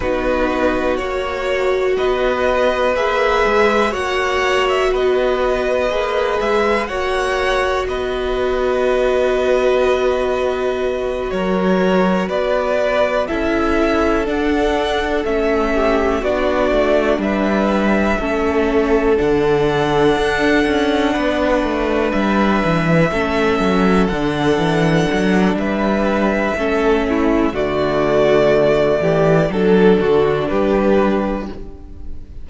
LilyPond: <<
  \new Staff \with { instrumentName = "violin" } { \time 4/4 \tempo 4 = 61 b'4 cis''4 dis''4 e''4 | fis''8. e''16 dis''4. e''8 fis''4 | dis''2.~ dis''8 cis''8~ | cis''8 d''4 e''4 fis''4 e''8~ |
e''8 d''4 e''2 fis''8~ | fis''2~ fis''8 e''4.~ | e''8 fis''4. e''2 | d''2 a'4 b'4 | }
  \new Staff \with { instrumentName = "violin" } { \time 4/4 fis'2 b'2 | cis''4 b'2 cis''4 | b'2.~ b'8 ais'8~ | ais'8 b'4 a'2~ a'8 |
g'8 fis'4 b'4 a'4.~ | a'4. b'2 a'8~ | a'2 b'4 a'8 e'8 | fis'4. g'8 a'8 fis'8 g'4 | }
  \new Staff \with { instrumentName = "viola" } { \time 4/4 dis'4 fis'2 gis'4 | fis'2 gis'4 fis'4~ | fis'1~ | fis'4. e'4 d'4 cis'8~ |
cis'8 d'2 cis'4 d'8~ | d'2.~ d'8 cis'8~ | cis'8 d'2~ d'8 cis'4 | a2 d'2 | }
  \new Staff \with { instrumentName = "cello" } { \time 4/4 b4 ais4 b4 ais8 gis8 | ais4 b4 ais8 gis8 ais4 | b2.~ b8 fis8~ | fis8 b4 cis'4 d'4 a8~ |
a8 b8 a8 g4 a4 d8~ | d8 d'8 cis'8 b8 a8 g8 e8 a8 | fis8 d8 e8 fis8 g4 a4 | d4. e8 fis8 d8 g4 | }
>>